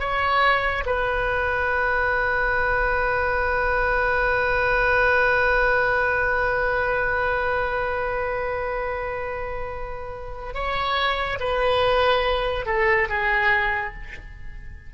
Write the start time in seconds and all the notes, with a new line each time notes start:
0.00 C#5
0.86 B4
10.54 C#5
11.40 B4
12.66 A4
13.09 G#4